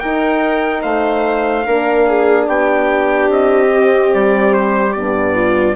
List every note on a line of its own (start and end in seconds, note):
0.00 1.65 D#4
0.00 0.84 D#4
0.00 0.83 A#4
0.00 0.82 G5
0.83 1.66 A3
0.83 1.65 C5
0.83 2.47 F5
1.65 2.48 A#3
1.65 3.70 D4
1.65 2.07 A#4
2.07 2.47 G#4
2.47 3.29 B3
2.47 5.35 G4
2.47 3.31 G5
3.29 4.11 C4
3.29 4.14 D#5
3.70 4.94 C4
4.14 4.96 G3
4.14 4.54 D5
4.54 4.93 C5
4.93 5.76 G2
4.93 5.76 B3
4.93 5.75 D5
5.35 5.76 F4